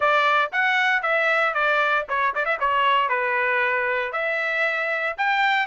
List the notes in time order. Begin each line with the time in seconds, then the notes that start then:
0.00 D5
0.51 F#5
1.02 E5
1.54 D5
2.08 C#5
2.35 D5
2.45 E5
2.60 C#5
3.08 B4
4.12 E5
5.17 G5